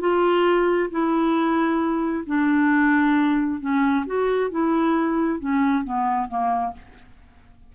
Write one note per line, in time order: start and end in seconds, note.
0.00 0.90 F4
0.90 2.24 E4
2.26 3.60 D4
3.60 4.05 C#4
4.06 4.50 F#4
4.50 5.40 E4
5.40 5.84 C#4
5.84 6.28 B3
6.28 6.73 A#3